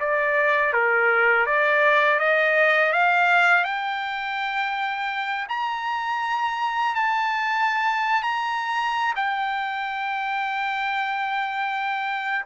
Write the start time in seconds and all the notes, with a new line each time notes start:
0.00 D5
0.73 A#4
1.46 D5
2.20 D#5
2.93 F5
3.64 G5
5.49 A#5
6.95 A5
8.23 A#5
9.16 G5